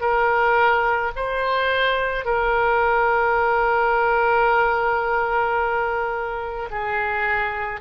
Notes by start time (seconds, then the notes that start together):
0.00 A#4
1.15 C5
2.25 A#4
6.70 G#4